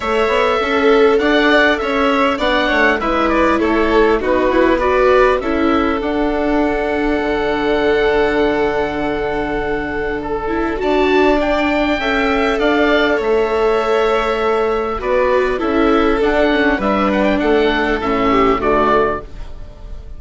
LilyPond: <<
  \new Staff \with { instrumentName = "oboe" } { \time 4/4 \tempo 4 = 100 e''2 fis''4 e''4 | fis''4 e''8 d''8 cis''4 b'4 | d''4 e''4 fis''2~ | fis''1~ |
fis''4 a'4 a''4 g''4~ | g''4 f''4 e''2~ | e''4 d''4 e''4 fis''4 | e''8 fis''16 g''16 fis''4 e''4 d''4 | }
  \new Staff \with { instrumentName = "violin" } { \time 4/4 cis''4 a'4 d''4 cis''4 | d''8 cis''8 b'4 a'4 fis'4 | b'4 a'2.~ | a'1~ |
a'2 d''2 | e''4 d''4 cis''2~ | cis''4 b'4 a'2 | b'4 a'4. g'8 fis'4 | }
  \new Staff \with { instrumentName = "viola" } { \time 4/4 a'1 | d'4 e'2 dis'8 e'8 | fis'4 e'4 d'2~ | d'1~ |
d'4. e'8 fis'4 d'4 | a'1~ | a'4 fis'4 e'4 d'8 cis'8 | d'2 cis'4 a4 | }
  \new Staff \with { instrumentName = "bassoon" } { \time 4/4 a8 b8 cis'4 d'4 cis'4 | b8 a8 gis4 a4 b4~ | b4 cis'4 d'2 | d1~ |
d2 d'2 | cis'4 d'4 a2~ | a4 b4 cis'4 d'4 | g4 a4 a,4 d4 | }
>>